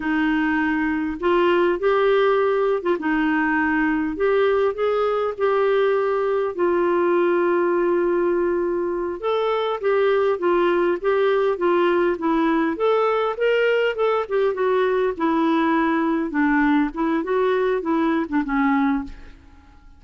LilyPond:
\new Staff \with { instrumentName = "clarinet" } { \time 4/4 \tempo 4 = 101 dis'2 f'4 g'4~ | g'8. f'16 dis'2 g'4 | gis'4 g'2 f'4~ | f'2.~ f'8 a'8~ |
a'8 g'4 f'4 g'4 f'8~ | f'8 e'4 a'4 ais'4 a'8 | g'8 fis'4 e'2 d'8~ | d'8 e'8 fis'4 e'8. d'16 cis'4 | }